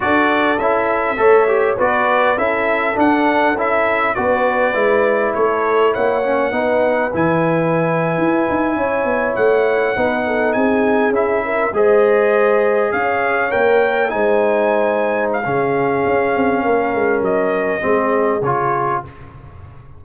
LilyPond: <<
  \new Staff \with { instrumentName = "trumpet" } { \time 4/4 \tempo 4 = 101 d''4 e''2 d''4 | e''4 fis''4 e''4 d''4~ | d''4 cis''4 fis''2 | gis''2.~ gis''8. fis''16~ |
fis''4.~ fis''16 gis''4 e''4 dis''16~ | dis''4.~ dis''16 f''4 g''4 gis''16~ | gis''4.~ gis''16 f''2~ f''16~ | f''4 dis''2 cis''4 | }
  \new Staff \with { instrumentName = "horn" } { \time 4/4 a'2 cis''4 b'4 | a'2. b'4~ | b'4 a'4 cis''4 b'4~ | b'2~ b'8. cis''4~ cis''16~ |
cis''8. b'8 a'8 gis'4. ais'8 c''16~ | c''4.~ c''16 cis''2 c''16~ | c''2 gis'2 | ais'2 gis'2 | }
  \new Staff \with { instrumentName = "trombone" } { \time 4/4 fis'4 e'4 a'8 g'8 fis'4 | e'4 d'4 e'4 fis'4 | e'2~ e'8 cis'8 dis'4 | e'1~ |
e'8. dis'2 e'4 gis'16~ | gis'2~ gis'8. ais'4 dis'16~ | dis'2 cis'2~ | cis'2 c'4 f'4 | }
  \new Staff \with { instrumentName = "tuba" } { \time 4/4 d'4 cis'4 a4 b4 | cis'4 d'4 cis'4 b4 | gis4 a4 ais4 b4 | e4.~ e16 e'8 dis'8 cis'8 b8 a16~ |
a8. b4 c'4 cis'4 gis16~ | gis4.~ gis16 cis'4 ais4 gis16~ | gis2 cis4 cis'8 c'8 | ais8 gis8 fis4 gis4 cis4 | }
>>